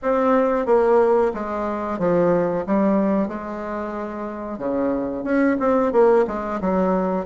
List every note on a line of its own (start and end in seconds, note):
0.02 0.66 C4
0.66 1.32 A#3
1.34 1.98 G#3
1.98 2.64 F3
2.66 3.28 G3
3.28 4.58 G#3
4.58 5.24 C#3
5.24 5.57 C#4
5.59 5.92 C4
5.92 6.25 A#3
6.27 6.60 G#3
6.60 7.25 F#3